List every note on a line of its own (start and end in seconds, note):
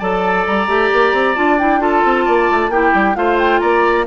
0.00 0.46 F#3
0.00 0.68 A4
0.00 1.80 D5
0.00 0.45 A5
0.46 0.68 G3
0.46 1.36 A#5
0.68 0.90 A3
0.68 1.36 G4
0.93 1.13 A#3
1.13 1.36 C4
1.36 2.04 D4
1.36 1.58 F4
1.36 1.58 A5
1.59 1.80 E4
1.59 1.82 G5
1.80 2.71 F4
1.80 2.26 A4
1.80 2.72 A5
2.04 2.27 C4
2.26 2.50 A#3
2.26 2.71 D5
2.51 2.69 A3
2.69 2.91 A#3
2.69 3.15 E4
2.69 3.17 G4
2.69 3.16 G5
2.95 3.16 G3
3.15 3.61 A3
3.15 4.05 F4
3.15 3.61 C5
3.15 3.38 F5
3.39 3.60 G5
3.60 4.07 A#3
3.60 4.06 D5
3.60 4.05 A#5